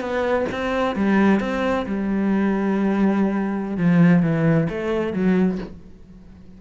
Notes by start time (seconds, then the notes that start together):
0.00 B3
0.51 C4
0.95 G3
1.40 C4
1.86 G3
3.77 F3
4.22 E3
4.69 A3
5.13 F#3